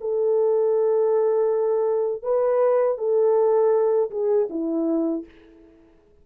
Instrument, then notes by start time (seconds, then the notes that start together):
horn
0.00 A4
2.22 B4
2.97 A4
4.10 G#4
4.50 E4